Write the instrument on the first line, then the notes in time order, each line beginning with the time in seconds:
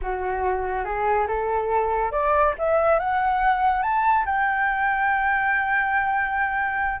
flute
0.01 F#4
0.84 G#4
1.27 A4
2.11 D5
2.58 E5
2.99 F#5
3.82 A5
4.25 G5